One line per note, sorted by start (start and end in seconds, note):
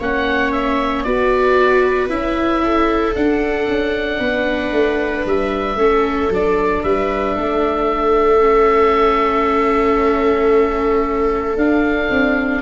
0.00 1.05 A#3
0.00 1.06 C#4
0.00 1.05 C#5
0.00 0.52 F#5
0.52 1.04 E5
1.04 2.09 B3
1.04 2.09 F#4
1.04 2.62 B4
1.04 2.09 D5
2.09 3.15 C#4
2.09 3.14 E4
2.09 3.15 E5
2.63 4.20 A4
3.15 3.68 D4
3.15 5.77 D4
3.15 5.26 F#5
3.68 4.20 C#4
4.20 4.72 B3
4.20 5.77 B4
4.72 5.25 A3
5.25 5.75 G3
5.25 6.33 E5
5.75 6.28 A3
5.75 6.30 C#4
5.75 6.83 A4
6.29 6.82 F#3
6.29 8.40 D4
6.29 6.84 D5
6.83 7.36 G3
6.83 7.35 B4
6.83 11.57 E5
7.35 11.56 A3
7.35 12.62 A4
8.40 11.56 C#4
11.56 12.09 D4
11.56 12.62 D4
11.56 12.62 F5
12.09 12.62 C4